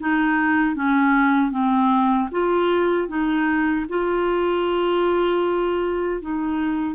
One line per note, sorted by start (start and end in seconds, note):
0.00 0.76 D#4
0.76 1.51 C#4
1.51 2.29 C4
2.32 3.09 F4
3.09 3.86 D#4
3.89 6.22 F4
6.22 6.96 D#4